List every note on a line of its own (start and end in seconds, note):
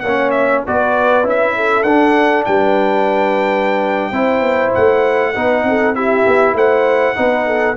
0.00 0.64 A#3
0.00 0.64 C#5
0.00 0.30 F#5
0.07 0.67 C#4
0.31 0.61 E5
0.65 1.24 B3
0.65 1.23 F#4
0.65 1.56 B4
0.65 1.28 D5
1.23 1.84 C#4
1.23 1.84 E4
1.23 1.83 E5
1.56 2.47 A4
1.83 2.44 D4
1.83 4.13 D4
1.83 2.43 F#5
2.45 4.12 G3
2.45 4.11 B4
2.45 4.72 G5
4.11 4.40 C4
4.11 5.34 E4
4.11 5.33 C5
4.40 4.70 B3
4.74 5.36 A3
4.74 5.95 F#5
5.34 5.63 B3
5.34 5.95 D#4
5.34 5.64 B4
5.63 6.24 C4
5.63 5.96 A4
5.95 7.15 E4
5.95 6.55 G4
5.95 6.56 E5
6.27 6.53 B3
6.53 7.14 A3
6.53 7.16 C5
6.53 7.77 F#5
7.15 7.77 B3
7.15 7.76 D#4
7.15 7.46 B4
7.46 7.77 A4